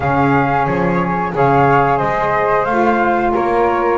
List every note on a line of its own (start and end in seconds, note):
0.00 0.67 C#3
0.00 1.32 C#4
0.00 1.33 G#4
0.00 0.66 F5
0.66 1.33 F3
0.66 1.32 C#5
1.32 2.01 C#3
1.32 2.66 G#4
1.32 1.97 C#5
1.32 1.98 F5
1.97 2.65 G#3
1.97 3.31 C5
1.97 2.65 D#5
2.65 3.32 A3
2.65 3.98 F4
2.65 3.31 F5
3.32 3.98 A#3
3.32 3.98 A#4
3.32 3.98 C#5